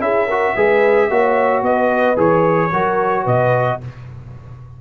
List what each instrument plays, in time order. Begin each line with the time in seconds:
0.00 tuba C#4, trombone E4, horn G#4, trumpet E5
0.26 trombone F#4, horn A#4
0.55 tuba G#3, trombone G#4, horn B4
1.10 tuba A#3, trombone F#4, horn C#5
1.62 tuba B3, horn B4, trumpet D#5
2.16 tuba E3, trombone G#4, trumpet C#5
2.72 tuba F#3, trombone F#4, horn A#4
3.23 tuba B2, horn B4, trumpet D#5